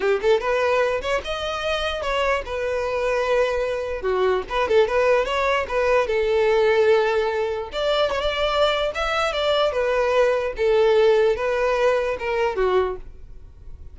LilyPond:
\new Staff \with { instrumentName = "violin" } { \time 4/4 \tempo 4 = 148 g'8 a'8 b'4. cis''8 dis''4~ | dis''4 cis''4 b'2~ | b'2 fis'4 b'8 a'8 | b'4 cis''4 b'4 a'4~ |
a'2. d''4 | cis''16 d''4.~ d''16 e''4 d''4 | b'2 a'2 | b'2 ais'4 fis'4 | }